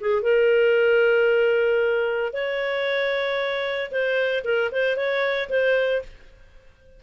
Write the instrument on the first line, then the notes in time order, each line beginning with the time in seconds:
clarinet
0.00 G#4
0.22 A#4
2.33 C#5
3.91 C5
4.44 A#4
4.72 C5
4.96 C#5
5.49 C5